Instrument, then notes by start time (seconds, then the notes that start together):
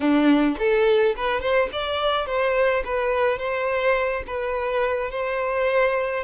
violin
0.00 D4
0.58 A4
1.16 B4
1.40 C5
1.72 D5
2.26 C5
2.84 B4
3.38 C5
4.26 B4
5.10 C5